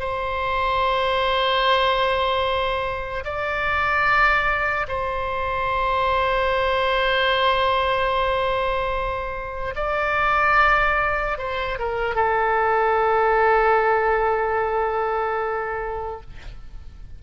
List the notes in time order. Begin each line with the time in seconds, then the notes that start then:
0.00 C5
3.25 D5
4.88 C5
9.76 D5
11.38 C5
11.79 A#4
12.16 A4